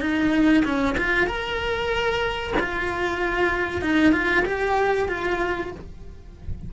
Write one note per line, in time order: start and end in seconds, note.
0.00 0.63 D#4
0.64 0.96 C#4
0.97 1.27 F4
1.27 2.53 A#4
2.59 3.81 F4
3.81 4.12 D#4
4.12 4.44 F4
4.45 5.08 G4
5.08 5.71 F4